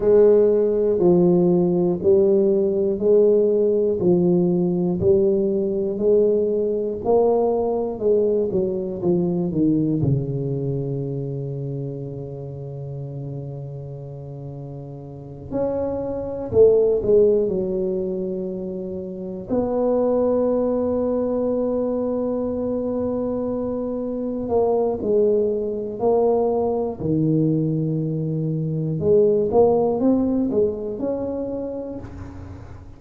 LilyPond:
\new Staff \with { instrumentName = "tuba" } { \time 4/4 \tempo 4 = 60 gis4 f4 g4 gis4 | f4 g4 gis4 ais4 | gis8 fis8 f8 dis8 cis2~ | cis2.~ cis8 cis'8~ |
cis'8 a8 gis8 fis2 b8~ | b1~ | b8 ais8 gis4 ais4 dis4~ | dis4 gis8 ais8 c'8 gis8 cis'4 | }